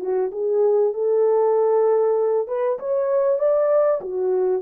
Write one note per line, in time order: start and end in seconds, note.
0.00 0.31 F#4
0.32 0.94 G#4
0.94 2.48 A4
2.48 2.79 B4
2.79 3.39 C#5
3.39 4.01 D5
4.01 4.62 F#4